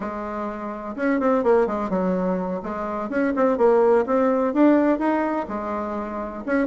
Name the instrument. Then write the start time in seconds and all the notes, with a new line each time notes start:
bassoon
0.00 G#3
0.96 C#4
1.19 C4
1.43 A#3
1.66 G#3
1.89 F#3
2.62 G#3
3.09 C#4
3.35 C4
3.57 A#3
4.06 C4
4.53 D4
4.98 D#4
5.48 G#3
6.45 C#4